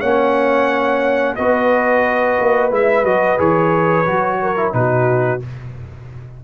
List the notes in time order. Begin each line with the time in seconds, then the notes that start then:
0.00 A#3 C#4 C#5 F#5
1.36 B3 F#4 B4 D#5
2.40 A#3
2.71 G#3 E4 E5
3.03 F#3 F#4 D#5
3.38 E3 G#4 C#5
4.06 F#3 F#4
4.42 A#4
4.56 E4
4.72 B2 D#4 F#4 B4